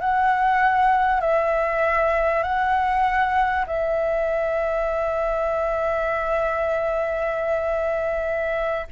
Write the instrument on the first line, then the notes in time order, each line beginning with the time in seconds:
flute
0.00 F#5
1.21 E5
2.43 F#5
3.67 E5